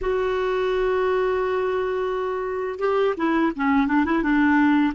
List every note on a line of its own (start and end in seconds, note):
0.01 2.79 F#4
2.79 3.14 G4
3.17 3.52 E4
3.56 3.87 C#4
3.87 4.05 D4
4.05 4.22 E4
4.22 4.93 D4